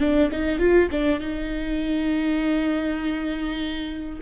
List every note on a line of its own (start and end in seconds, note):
0.00 0.30 D4
0.32 0.59 D#4
0.59 0.89 F4
0.91 1.19 D4
1.19 4.19 D#4